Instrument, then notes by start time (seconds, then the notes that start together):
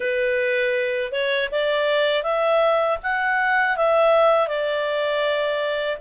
clarinet
0.00 B4
1.11 C#5
1.51 D5
2.23 E5
3.02 F#5
3.77 E5
4.47 D5